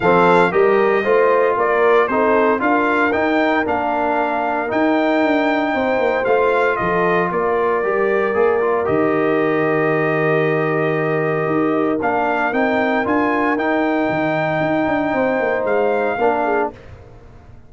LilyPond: <<
  \new Staff \with { instrumentName = "trumpet" } { \time 4/4 \tempo 4 = 115 f''4 dis''2 d''4 | c''4 f''4 g''4 f''4~ | f''4 g''2. | f''4 dis''4 d''2~ |
d''4 dis''2.~ | dis''2. f''4 | g''4 gis''4 g''2~ | g''2 f''2 | }
  \new Staff \with { instrumentName = "horn" } { \time 4/4 a'4 ais'4 c''4 ais'4 | a'4 ais'2.~ | ais'2. c''4~ | c''4 a'4 ais'2~ |
ais'1~ | ais'1~ | ais'1~ | ais'4 c''2 ais'8 gis'8 | }
  \new Staff \with { instrumentName = "trombone" } { \time 4/4 c'4 g'4 f'2 | dis'4 f'4 dis'4 d'4~ | d'4 dis'2. | f'2. g'4 |
gis'8 f'8 g'2.~ | g'2. d'4 | dis'4 f'4 dis'2~ | dis'2. d'4 | }
  \new Staff \with { instrumentName = "tuba" } { \time 4/4 f4 g4 a4 ais4 | c'4 d'4 dis'4 ais4~ | ais4 dis'4 d'4 c'8 ais8 | a4 f4 ais4 g4 |
ais4 dis2.~ | dis2 dis'4 ais4 | c'4 d'4 dis'4 dis4 | dis'8 d'8 c'8 ais8 gis4 ais4 | }
>>